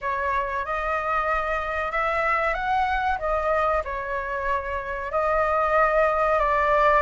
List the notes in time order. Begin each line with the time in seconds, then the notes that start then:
0.01 C#5
0.65 D#5
1.91 E5
2.54 F#5
3.19 D#5
3.84 C#5
5.11 D#5
6.39 D5